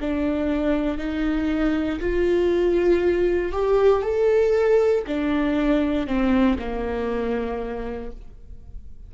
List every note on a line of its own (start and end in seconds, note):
0.00 0.97 D4
0.97 1.99 D#4
2.00 3.52 F4
3.52 4.02 G4
4.02 5.03 A4
5.07 6.06 D4
6.06 6.57 C4
6.58 8.11 A#3